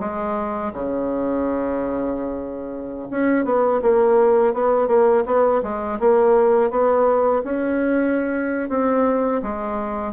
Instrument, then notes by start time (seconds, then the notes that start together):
bassoon
0.00 G#3
0.74 C#3
3.11 C#4
3.45 B3
3.82 A#3
4.54 B3
4.88 A#3
5.26 B3
5.63 G#3
6.00 A#3
6.70 B3
7.44 C#4
8.69 C4
9.43 G#3